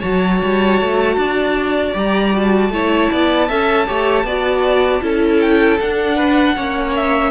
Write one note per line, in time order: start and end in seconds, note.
0.00 0.42 F#3
0.00 1.93 F#4
0.00 1.15 C#5
0.00 1.93 A5
0.43 0.81 G3
0.81 1.17 A3
1.17 1.94 D4
1.17 2.71 D5
1.93 2.70 G3
1.93 2.31 G4
1.93 2.36 A#5
2.33 2.72 F#4
2.33 5.40 A5
2.70 3.08 A3
2.70 3.49 E4
2.70 3.12 C#5
3.12 3.50 B3
3.12 3.48 D5
3.48 3.88 C#4
3.48 3.87 A4
3.48 3.87 E5
3.87 4.24 A3
3.87 4.25 G4
3.87 4.26 C#5
4.24 5.01 B3
4.24 5.02 F#4
4.24 5.03 D5
5.02 5.79 C#4
5.02 5.79 E4
5.02 6.16 A4
5.40 5.79 G5
5.80 6.57 D4
5.80 6.96 F#5
6.16 6.55 B4
6.56 7.31 A#3
6.56 7.31 C#4
6.56 7.31 C#5
6.96 7.31 E5